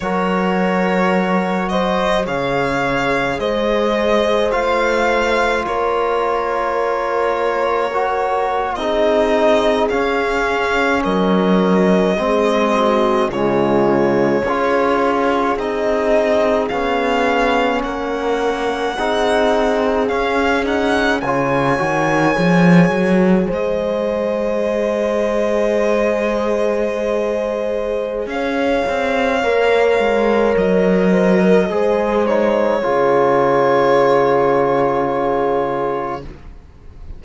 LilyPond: <<
  \new Staff \with { instrumentName = "violin" } { \time 4/4 \tempo 4 = 53 cis''4. dis''8 f''4 dis''4 | f''4 cis''2~ cis''8. dis''16~ | dis''8. f''4 dis''2 cis''16~ | cis''4.~ cis''16 dis''4 f''4 fis''16~ |
fis''4.~ fis''16 f''8 fis''8 gis''4~ gis''16~ | gis''8. dis''2.~ dis''16~ | dis''4 f''2 dis''4~ | dis''8 cis''2.~ cis''8 | }
  \new Staff \with { instrumentName = "horn" } { \time 4/4 ais'4. c''8 cis''4 c''4~ | c''4 ais'2~ ais'8. gis'16~ | gis'4.~ gis'16 ais'4 gis'8 fis'8 f'16~ | f'8. gis'2. ais'16~ |
ais'8. gis'2 cis''4~ cis''16~ | cis''8. c''2.~ c''16~ | c''4 cis''2~ cis''8 c''16 ais'16 | c''4 gis'2. | }
  \new Staff \with { instrumentName = "trombone" } { \time 4/4 fis'2 gis'2 | f'2. fis'8. dis'16~ | dis'8. cis'2 c'4 gis16~ | gis8. f'4 dis'4 cis'4~ cis'16~ |
cis'8. dis'4 cis'8 dis'8 f'8 fis'8 gis'16~ | gis'1~ | gis'2 ais'2 | gis'8 dis'8 f'2. | }
  \new Staff \with { instrumentName = "cello" } { \time 4/4 fis2 cis4 gis4 | a4 ais2~ ais8. c'16~ | c'8. cis'4 fis4 gis4 cis16~ | cis8. cis'4 c'4 b4 ais16~ |
ais8. c'4 cis'4 cis8 dis8 f16~ | f16 fis8 gis2.~ gis16~ | gis4 cis'8 c'8 ais8 gis8 fis4 | gis4 cis2. | }
>>